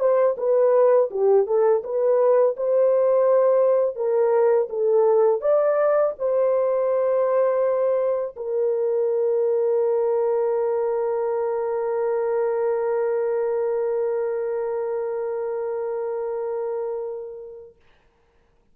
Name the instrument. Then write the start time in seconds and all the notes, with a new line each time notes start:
horn
0.00 C5
0.38 B4
1.11 G4
1.47 A4
1.84 B4
2.57 C5
3.96 A#4
4.70 A4
5.42 D5
6.19 C5
8.37 A#4